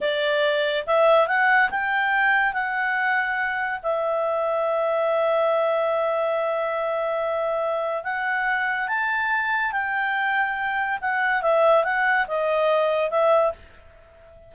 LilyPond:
\new Staff \with { instrumentName = "clarinet" } { \time 4/4 \tempo 4 = 142 d''2 e''4 fis''4 | g''2 fis''2~ | fis''4 e''2.~ | e''1~ |
e''2. fis''4~ | fis''4 a''2 g''4~ | g''2 fis''4 e''4 | fis''4 dis''2 e''4 | }